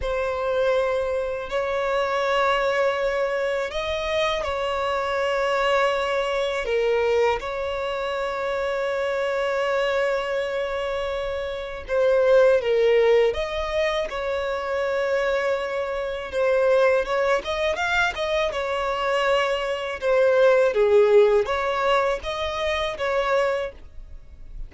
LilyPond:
\new Staff \with { instrumentName = "violin" } { \time 4/4 \tempo 4 = 81 c''2 cis''2~ | cis''4 dis''4 cis''2~ | cis''4 ais'4 cis''2~ | cis''1 |
c''4 ais'4 dis''4 cis''4~ | cis''2 c''4 cis''8 dis''8 | f''8 dis''8 cis''2 c''4 | gis'4 cis''4 dis''4 cis''4 | }